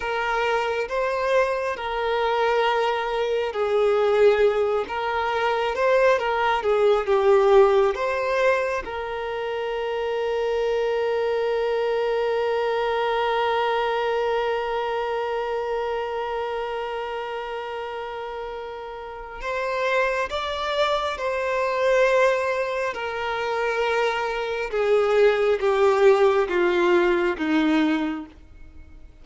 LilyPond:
\new Staff \with { instrumentName = "violin" } { \time 4/4 \tempo 4 = 68 ais'4 c''4 ais'2 | gis'4. ais'4 c''8 ais'8 gis'8 | g'4 c''4 ais'2~ | ais'1~ |
ais'1~ | ais'2 c''4 d''4 | c''2 ais'2 | gis'4 g'4 f'4 dis'4 | }